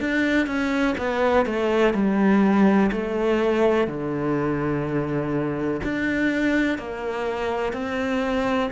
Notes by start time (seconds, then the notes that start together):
0.00 D4
0.46 C#4
0.97 B3
1.46 A3
1.94 G3
2.92 A3
3.87 D3
5.83 D4
6.78 A#3
7.73 C4